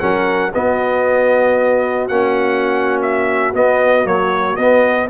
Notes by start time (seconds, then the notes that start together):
0.00 F#3 C#4 A#4 F#5
0.54 B3 F#4 D#5
2.08 A#3 C#4 F#5
3.02 E5
3.54 B3 D#5
4.05 F#3 A#3 C#5
4.56 B3 D#5